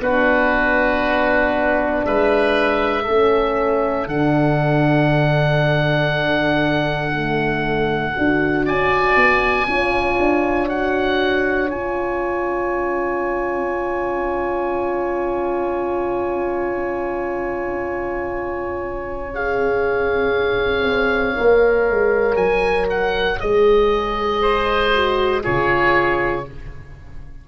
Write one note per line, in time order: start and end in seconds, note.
0.00 2.03 B3
0.00 3.07 D4
0.00 2.06 F#4
0.00 2.05 B4
2.05 3.07 G#3
2.05 3.03 B4
2.05 4.08 E5
3.03 4.07 A3
3.03 4.08 C#4
3.03 8.63 A4
4.07 8.13 D3
4.07 7.13 D4
4.07 8.66 F#5
7.14 8.16 A3
8.17 8.66 D4
8.17 9.68 F#4
8.65 9.16 C#4
8.65 9.67 D5
8.65 10.69 G#5
9.16 9.67 B3
9.67 10.18 C#4
9.67 10.68 F4
9.67 24.41 C#5
10.19 11.71 D4
10.68 11.70 F#4
10.68 11.70 F#5
11.70 20.85 C#4
11.70 19.33 F4
11.70 19.33 G#5
19.34 21.35 G#4
19.34 22.36 F5
20.85 21.35 C4
21.35 21.89 A#3
21.35 23.39 A#4
21.89 22.35 G#3
22.35 23.37 F#3
22.35 22.87 G#5
22.90 23.40 F#5
23.40 25.46 G#3
23.40 24.93 G#4
23.40 25.43 D#5
24.41 25.43 C5
24.94 25.43 F#4
25.43 26.48 C#3
25.43 26.45 F4
25.43 26.45 G#4
25.43 26.46 C#5